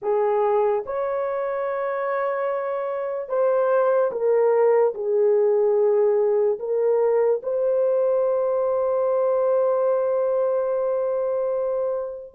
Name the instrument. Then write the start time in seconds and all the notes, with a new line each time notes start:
horn
0.01 G#4
0.86 C#5
3.29 C5
4.11 A#4
4.94 G#4
6.59 A#4
7.42 C5